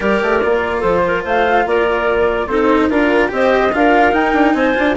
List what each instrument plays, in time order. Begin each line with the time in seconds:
0.00 bassoon G3, cello G4, clarinet A#4, flute D5
0.22 bassoon A3
0.43 bassoon A#3, cello F4
0.79 bassoon F3, clarinet A4, flute C5
1.06 clarinet A#4
1.24 bassoon A3, clarinet C5, flute F5
1.65 bassoon A#3, clarinet A#4, flute D5
2.47 bassoon C4, cello D#4, clarinet A4, flute C5
2.89 bassoon D4, cello F4, clarinet A#4, flute A#4
3.28 bassoon C4, cello G4, clarinet C5, flute D#5
3.72 bassoon D4, cello F4, clarinet A#4, flute F5
4.12 cello D#4, bassoon D#4, flute G5
4.33 bassoon D4
4.54 bassoon C4, clarinet C5, flute G#5
4.74 bassoon D4, cello F4